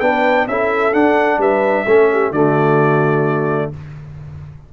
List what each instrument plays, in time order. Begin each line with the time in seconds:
0.00 tuba B3, trombone D4, horn B4, trumpet G5
0.47 tuba C#4, trombone E4, horn A4, trumpet E5
0.93 trombone D4, tuba D4, trumpet F#5
1.38 tuba G3, horn B4, trumpet E5
1.86 tuba A3, trombone C#4, horn A4
2.12 horn G4
2.30 tuba D3, trombone A3, horn F#4, trumpet D5